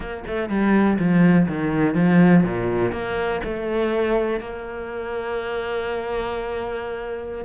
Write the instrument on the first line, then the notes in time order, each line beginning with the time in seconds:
cello
0.00 A#3
0.27 A3
0.49 G3
0.99 F3
1.48 D#3
1.94 F3
2.43 A#2
2.92 A#3
3.44 A3
4.39 A#3